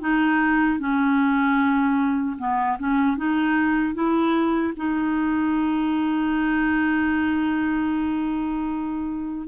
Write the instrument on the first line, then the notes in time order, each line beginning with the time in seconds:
clarinet
0.00 D#4
0.79 C#4
2.38 B3
2.79 C#4
3.17 D#4
3.94 E4
4.77 D#4